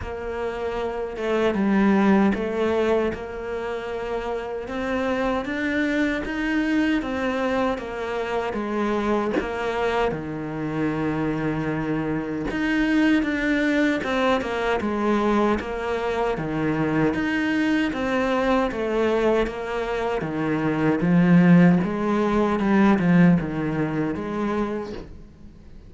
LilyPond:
\new Staff \with { instrumentName = "cello" } { \time 4/4 \tempo 4 = 77 ais4. a8 g4 a4 | ais2 c'4 d'4 | dis'4 c'4 ais4 gis4 | ais4 dis2. |
dis'4 d'4 c'8 ais8 gis4 | ais4 dis4 dis'4 c'4 | a4 ais4 dis4 f4 | gis4 g8 f8 dis4 gis4 | }